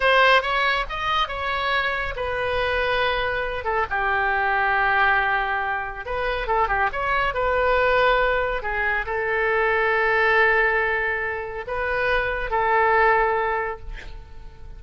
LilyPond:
\new Staff \with { instrumentName = "oboe" } { \time 4/4 \tempo 4 = 139 c''4 cis''4 dis''4 cis''4~ | cis''4 b'2.~ | b'8 a'8 g'2.~ | g'2 b'4 a'8 g'8 |
cis''4 b'2. | gis'4 a'2.~ | a'2. b'4~ | b'4 a'2. | }